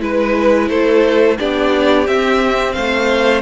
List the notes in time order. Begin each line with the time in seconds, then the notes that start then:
0.00 G#3 E4 B4
0.69 A3 A4 C5
1.39 B3 D4 G4 D5
2.06 C4 E5
2.73 A3 C5 F5